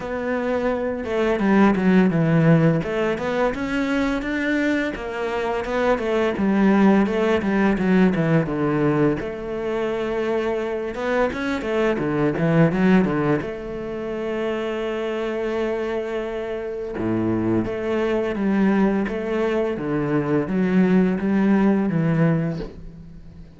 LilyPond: \new Staff \with { instrumentName = "cello" } { \time 4/4 \tempo 4 = 85 b4. a8 g8 fis8 e4 | a8 b8 cis'4 d'4 ais4 | b8 a8 g4 a8 g8 fis8 e8 | d4 a2~ a8 b8 |
cis'8 a8 d8 e8 fis8 d8 a4~ | a1 | a,4 a4 g4 a4 | d4 fis4 g4 e4 | }